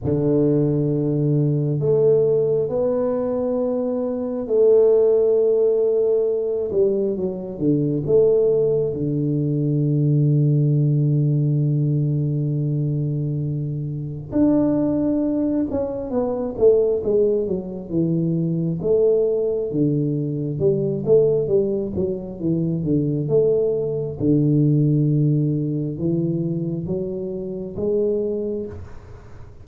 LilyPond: \new Staff \with { instrumentName = "tuba" } { \time 4/4 \tempo 4 = 67 d2 a4 b4~ | b4 a2~ a8 g8 | fis8 d8 a4 d2~ | d1 |
d'4. cis'8 b8 a8 gis8 fis8 | e4 a4 d4 g8 a8 | g8 fis8 e8 d8 a4 d4~ | d4 e4 fis4 gis4 | }